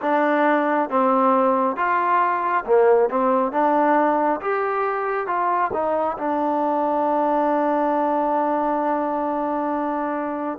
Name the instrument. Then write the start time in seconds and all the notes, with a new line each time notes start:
trombone
0.01 D4
0.89 C4
1.76 F4
2.65 A#3
3.09 C4
3.52 D4
4.40 G4
5.26 F4
5.73 D#4
6.18 D4